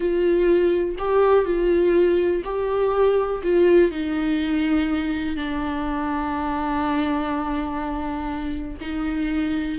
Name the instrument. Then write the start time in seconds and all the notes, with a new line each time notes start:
viola
0.00 F4
0.98 G4
1.45 F4
2.44 G4
3.43 F4
3.91 D#4
5.36 D4
8.80 D#4